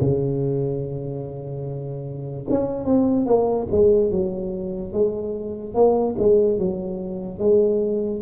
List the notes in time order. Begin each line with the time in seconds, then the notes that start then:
0.00 C#3
2.49 C#4
2.85 C4
3.26 A#3
3.71 G#3
4.11 F#3
4.93 G#3
5.74 A#3
6.18 G#3
6.58 F#3
7.39 G#3